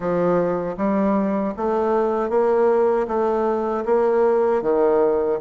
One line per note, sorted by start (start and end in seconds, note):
0.00 0.76 F3
0.77 1.53 G3
1.56 2.29 A3
2.29 3.06 A#3
3.07 3.84 A3
3.85 4.62 A#3
4.62 5.38 D#3